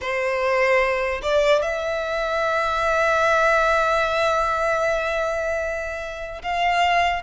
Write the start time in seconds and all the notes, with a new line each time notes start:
0.01 C5
1.22 D5
1.62 E5
6.42 F5